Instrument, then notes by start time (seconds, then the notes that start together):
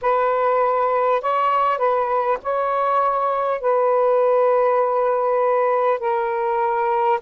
saxophone
0.01 B4
1.21 C#5
1.77 B4
2.43 C#5
3.60 B4
5.99 A#4